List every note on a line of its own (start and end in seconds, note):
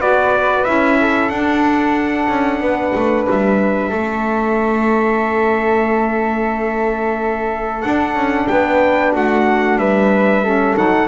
0.00 0.66 B3
0.00 0.65 F#4
0.00 0.98 B4
0.00 0.64 D5
0.64 1.29 C#4
0.64 1.30 E4
0.64 1.29 E5
1.00 2.61 A4
1.29 2.27 D4
1.29 3.93 D4
1.29 3.25 F#5
2.28 2.60 C#4
2.60 2.92 B3
2.60 3.89 B4
2.94 3.27 A3
3.29 3.92 G3
3.29 7.82 E5
3.89 7.83 A3
3.89 7.82 C#4
3.89 8.45 A4
7.82 10.43 D4
7.82 8.15 D4
7.82 8.47 F#5
8.15 8.47 C#4
8.47 9.15 B3
8.47 9.12 B4
8.47 9.12 G5
9.12 9.76 A3
9.12 9.77 F#4
9.12 9.78 F#5
9.76 10.74 G3
9.76 10.43 B4
9.76 10.76 E5
10.43 10.76 C#4
10.43 11.07 A4
10.76 11.07 F#3
10.76 11.07 D#4
10.76 11.07 F#5